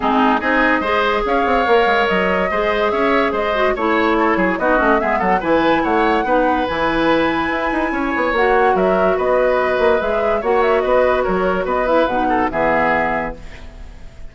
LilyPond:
<<
  \new Staff \with { instrumentName = "flute" } { \time 4/4 \tempo 4 = 144 gis'4 dis''2 f''4~ | f''4 dis''2 e''4 | dis''4 cis''2 dis''4 | e''8 fis''8 gis''4 fis''2 |
gis''1 | fis''4 e''4 dis''2 | e''4 fis''8 e''8 dis''4 cis''4 | dis''8 e''8 fis''4 e''2 | }
  \new Staff \with { instrumentName = "oboe" } { \time 4/4 dis'4 gis'4 c''4 cis''4~ | cis''2 c''4 cis''4 | c''4 cis''4 a'8 gis'8 fis'4 | gis'8 a'8 b'4 cis''4 b'4~ |
b'2. cis''4~ | cis''4 ais'4 b'2~ | b'4 cis''4 b'4 ais'4 | b'4. a'8 gis'2 | }
  \new Staff \with { instrumentName = "clarinet" } { \time 4/4 c'4 dis'4 gis'2 | ais'2 gis'2~ | gis'8 fis'8 e'2 dis'8 cis'8 | b4 e'2 dis'4 |
e'1 | fis'1 | gis'4 fis'2.~ | fis'8 e'8 dis'4 b2 | }
  \new Staff \with { instrumentName = "bassoon" } { \time 4/4 gis4 c'4 gis4 cis'8 c'8 | ais8 gis8 fis4 gis4 cis'4 | gis4 a4. fis8 b8 a8 | gis8 fis8 e4 a4 b4 |
e2 e'8 dis'8 cis'8 b8 | ais4 fis4 b4. ais8 | gis4 ais4 b4 fis4 | b4 b,4 e2 | }
>>